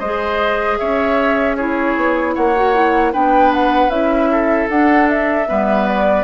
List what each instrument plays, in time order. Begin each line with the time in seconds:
0.00 bassoon G#3, clarinet G#4, oboe C5, flute D#5
0.79 bassoon C#4, oboe C#5, flute E5
1.57 clarinet E4, oboe G#4, flute C#5
1.97 bassoon B3
2.35 bassoon A#3, oboe C#5, flute F#5
2.56 clarinet F#4
2.75 clarinet E4
3.13 bassoon B3, clarinet D4, oboe B4, flute G5
3.54 flute F#5
3.89 bassoon C#4, clarinet E4, flute E5
4.32 oboe A4
4.70 bassoon D4, clarinet D4, flute F#5
5.10 flute E5
5.48 bassoon G3, clarinet B3, oboe B4
5.88 flute D5